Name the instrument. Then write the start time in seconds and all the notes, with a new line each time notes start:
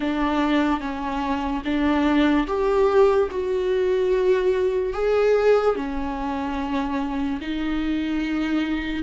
viola
0.00 D4
0.80 C#4
1.64 D4
2.47 G4
3.30 F#4
4.93 G#4
5.75 C#4
7.41 D#4